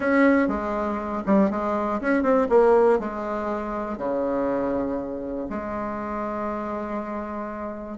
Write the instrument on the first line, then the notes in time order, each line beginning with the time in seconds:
bassoon
0.00 C#4
0.48 G#3
1.25 G3
1.50 G#3
2.00 C#4
2.22 C4
2.49 A#3
2.99 G#3
3.97 C#3
5.49 G#3